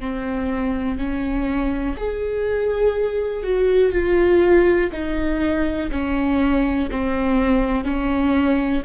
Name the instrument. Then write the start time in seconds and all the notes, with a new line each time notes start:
viola
0.00 C4
0.98 C#4
1.98 G#4
3.44 F#4
3.92 F4
4.92 D#4
5.92 C#4
6.91 C4
7.85 C#4